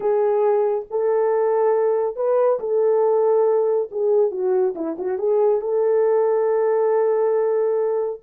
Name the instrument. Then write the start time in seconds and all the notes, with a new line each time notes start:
horn
0.00 G#4
0.90 A4
2.16 B4
2.59 A4
3.91 G#4
4.31 F#4
4.75 E4
4.98 F#4
5.18 G#4
5.61 A4